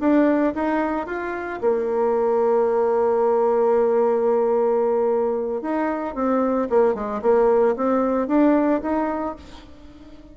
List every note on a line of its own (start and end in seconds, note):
0.00 0.54 D4
0.55 1.06 D#4
1.06 1.60 F4
1.61 5.62 A#3
5.62 6.15 D#4
6.15 6.68 C4
6.70 6.94 A#3
6.94 7.21 G#3
7.22 7.76 A#3
7.76 8.28 C4
8.28 8.81 D4
8.82 9.36 D#4